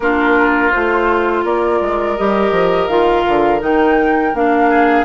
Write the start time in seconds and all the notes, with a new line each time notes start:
0.00 A#3 D4 F4 A#4
0.71 A3 F4 C5
1.44 A#3 A#4 D5
1.81 G#3
2.17 G3 G4 D#5
2.51 F3
2.87 D#3 F4 F5
3.27 D3
3.60 D#3 D#4 G5
4.33 A#3 D4 F5
4.69 G#4